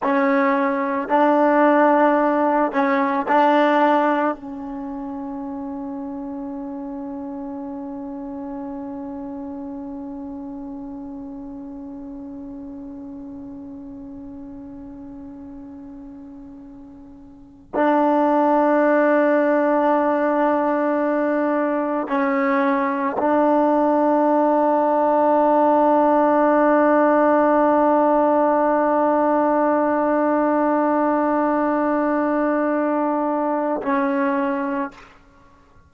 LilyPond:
\new Staff \with { instrumentName = "trombone" } { \time 4/4 \tempo 4 = 55 cis'4 d'4. cis'8 d'4 | cis'1~ | cis'1~ | cis'1~ |
cis'16 d'2.~ d'8.~ | d'16 cis'4 d'2~ d'8.~ | d'1~ | d'2. cis'4 | }